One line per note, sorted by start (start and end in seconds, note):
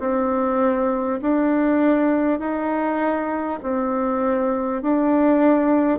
0.00 1.20 C4
1.22 2.39 D4
2.39 3.59 D#4
3.63 4.82 C4
4.82 5.99 D4